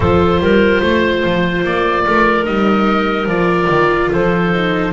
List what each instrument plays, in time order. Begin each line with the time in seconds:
0.00 double bass F3, viola F4, clarinet A4, oboe C5
0.40 double bass G3, clarinet A#4
0.80 double bass A3, clarinet C5
1.24 double bass F3
1.64 double bass A#3, oboe D5
2.04 double bass A3, clarinet A#4
2.44 double bass G3, viola D#4, oboe D#5
3.26 double bass F3, viola F4, oboe D5
3.69 double bass D#3
4.11 double bass F3, clarinet A4, oboe C5
4.53 viola D#4